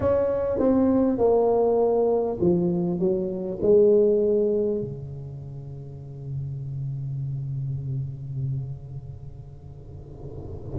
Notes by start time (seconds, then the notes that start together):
0.00 C#4
0.58 C4
1.18 A#3
2.40 F3
2.99 F#3
3.62 G#3
4.81 C#3